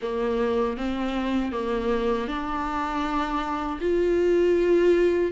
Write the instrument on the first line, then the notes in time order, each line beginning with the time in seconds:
viola
0.02 A#3
0.77 C4
1.52 A#3
2.27 D4
3.80 F4